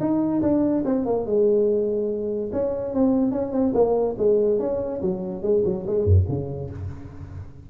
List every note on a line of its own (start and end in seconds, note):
0.00 0.42 D#4
0.42 0.84 D4
0.85 1.06 C4
1.06 1.26 A#3
1.26 2.51 G#3
2.52 2.94 C#4
2.94 3.32 C4
3.32 3.52 C#4
3.52 3.73 C4
3.74 4.16 A#3
4.18 4.59 G#3
4.59 5.01 C#4
5.02 5.42 F#3
5.42 5.63 G#3
5.65 5.86 F#3
5.87 6.05 G#3
6.05 6.26 F#2
6.28 6.70 C#3